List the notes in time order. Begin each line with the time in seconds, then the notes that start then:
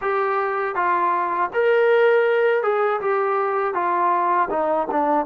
0.01 G4
0.75 F4
1.53 A#4
2.62 G#4
3.00 G4
3.74 F4
4.50 D#4
4.91 D4